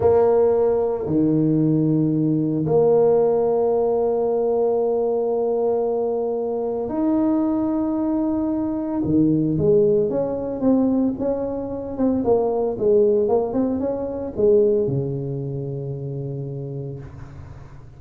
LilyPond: \new Staff \with { instrumentName = "tuba" } { \time 4/4 \tempo 4 = 113 ais2 dis2~ | dis4 ais2.~ | ais1~ | ais4 dis'2.~ |
dis'4 dis4 gis4 cis'4 | c'4 cis'4. c'8 ais4 | gis4 ais8 c'8 cis'4 gis4 | cis1 | }